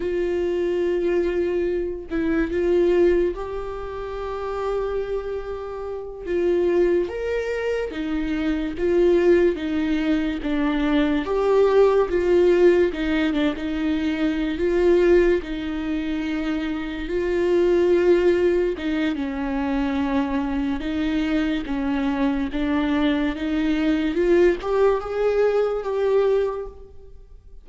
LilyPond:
\new Staff \with { instrumentName = "viola" } { \time 4/4 \tempo 4 = 72 f'2~ f'8 e'8 f'4 | g'2.~ g'8 f'8~ | f'8 ais'4 dis'4 f'4 dis'8~ | dis'8 d'4 g'4 f'4 dis'8 |
d'16 dis'4~ dis'16 f'4 dis'4.~ | dis'8 f'2 dis'8 cis'4~ | cis'4 dis'4 cis'4 d'4 | dis'4 f'8 g'8 gis'4 g'4 | }